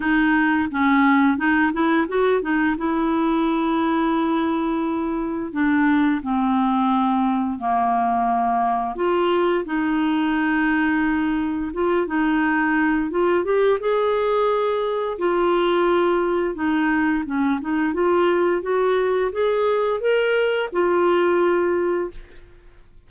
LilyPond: \new Staff \with { instrumentName = "clarinet" } { \time 4/4 \tempo 4 = 87 dis'4 cis'4 dis'8 e'8 fis'8 dis'8 | e'1 | d'4 c'2 ais4~ | ais4 f'4 dis'2~ |
dis'4 f'8 dis'4. f'8 g'8 | gis'2 f'2 | dis'4 cis'8 dis'8 f'4 fis'4 | gis'4 ais'4 f'2 | }